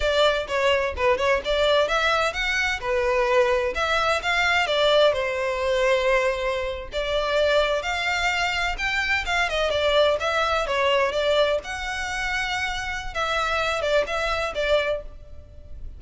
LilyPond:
\new Staff \with { instrumentName = "violin" } { \time 4/4 \tempo 4 = 128 d''4 cis''4 b'8 cis''8 d''4 | e''4 fis''4 b'2 | e''4 f''4 d''4 c''4~ | c''2~ c''8. d''4~ d''16~ |
d''8. f''2 g''4 f''16~ | f''16 dis''8 d''4 e''4 cis''4 d''16~ | d''8. fis''2.~ fis''16 | e''4. d''8 e''4 d''4 | }